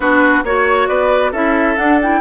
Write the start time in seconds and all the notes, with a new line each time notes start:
0.00 B3 D4 F#4 B4
0.43 A#3 F#4 C#5
0.87 B3 B4 D5
1.31 C#4 E4 A4 E5
1.76 D4 F#5
2.01 E4 G5